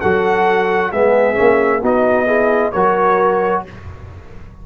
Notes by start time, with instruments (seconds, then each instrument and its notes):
0.00 tuba F#3, trombone F#4, horn A4, trumpet F#5
0.91 tuba G#3, trombone B3, horn G#4, trumpet E5
1.34 tuba A#3, trombone C#4
1.81 tuba B3, trombone D#4, horn F#4, trumpet D#5
2.26 trombone E4, horn G#4
2.72 tuba F#3, trombone F#4, horn A#4, trumpet C#5